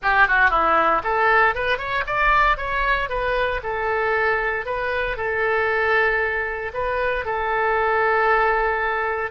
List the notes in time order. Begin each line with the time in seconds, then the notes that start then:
0.02 G4
0.27 F#4
0.50 E4
1.03 A4
1.54 B4
1.78 C#5
2.06 D5
2.57 C#5
3.09 B4
3.63 A4
4.65 B4
5.17 A4
6.73 B4
7.25 A4